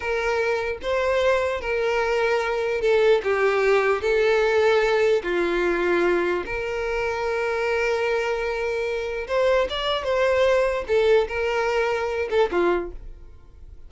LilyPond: \new Staff \with { instrumentName = "violin" } { \time 4/4 \tempo 4 = 149 ais'2 c''2 | ais'2. a'4 | g'2 a'2~ | a'4 f'2. |
ais'1~ | ais'2. c''4 | d''4 c''2 a'4 | ais'2~ ais'8 a'8 f'4 | }